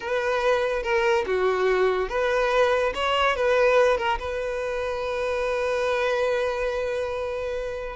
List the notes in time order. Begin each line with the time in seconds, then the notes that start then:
0.00 B4
0.83 A#4
1.26 F#4
2.08 B4
2.94 C#5
3.35 B4
3.97 A#4
4.19 B4